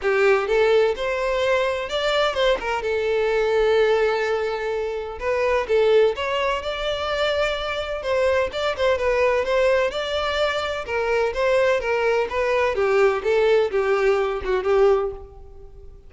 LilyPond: \new Staff \with { instrumentName = "violin" } { \time 4/4 \tempo 4 = 127 g'4 a'4 c''2 | d''4 c''8 ais'8 a'2~ | a'2. b'4 | a'4 cis''4 d''2~ |
d''4 c''4 d''8 c''8 b'4 | c''4 d''2 ais'4 | c''4 ais'4 b'4 g'4 | a'4 g'4. fis'8 g'4 | }